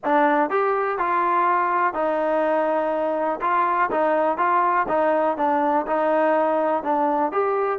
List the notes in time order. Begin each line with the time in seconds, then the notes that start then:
0.04 D4
0.49 G4
0.98 F4
1.93 D#4
3.41 F4
3.91 D#4
4.37 F4
4.88 D#4
5.37 D4
5.86 D#4
6.83 D4
7.31 G4